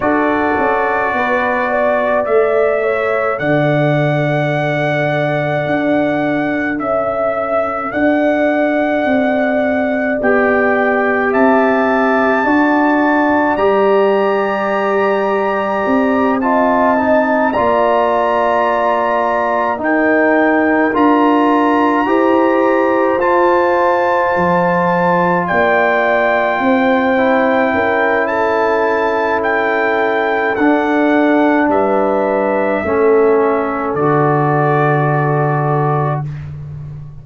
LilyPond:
<<
  \new Staff \with { instrumentName = "trumpet" } { \time 4/4 \tempo 4 = 53 d''2 e''4 fis''4~ | fis''2 e''4 fis''4~ | fis''4 g''4 a''2 | ais''2~ ais''8 a''4 ais''8~ |
ais''4. g''4 ais''4.~ | ais''8 a''2 g''4.~ | g''4 a''4 g''4 fis''4 | e''2 d''2 | }
  \new Staff \with { instrumentName = "horn" } { \time 4/4 a'4 b'8 d''4 cis''8 d''4~ | d''2 e''4 d''4~ | d''2 e''4 d''4~ | d''2~ d''8 dis''4 d''8~ |
d''4. ais'2 c''8~ | c''2~ c''8 d''4 c''8~ | c''8 ais'8 a'2. | b'4 a'2. | }
  \new Staff \with { instrumentName = "trombone" } { \time 4/4 fis'2 a'2~ | a'1~ | a'4 g'2 fis'4 | g'2~ g'8 f'8 dis'8 f'8~ |
f'4. dis'4 f'4 g'8~ | g'8 f'2.~ f'8 | e'2. d'4~ | d'4 cis'4 fis'2 | }
  \new Staff \with { instrumentName = "tuba" } { \time 4/4 d'8 cis'8 b4 a4 d4~ | d4 d'4 cis'4 d'4 | c'4 b4 c'4 d'4 | g2 c'4. ais8~ |
ais4. dis'4 d'4 e'8~ | e'8 f'4 f4 ais4 c'8~ | c'8 cis'2~ cis'8 d'4 | g4 a4 d2 | }
>>